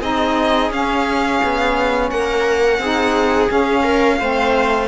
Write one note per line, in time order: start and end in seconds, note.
0.00 0.71 C4
0.00 0.72 D#4
0.00 2.09 G#4
0.00 0.72 D#5
0.71 1.40 C#4
0.71 2.81 C#4
0.71 2.10 F5
1.44 2.11 B3
2.10 2.79 A#3
2.10 2.81 A#4
2.10 3.50 F#5
2.79 3.49 C4
2.79 3.48 D#4
2.79 3.83 G#4
3.48 4.18 C#4
3.48 4.21 C#4
3.48 4.88 F5
3.83 4.18 A#4
4.20 4.88 A3
4.20 4.88 C4
4.20 4.88 C5